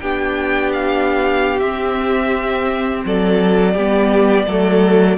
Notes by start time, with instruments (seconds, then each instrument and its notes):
0.00 cello B3, viola D4, violin G4 G5
0.72 violin F5
1.59 viola C4, cello C4, violin E5
3.05 cello F#3, violin A4 D5
3.74 cello G3, viola B3, violin G4
4.46 cello F#3, viola A3, violin A4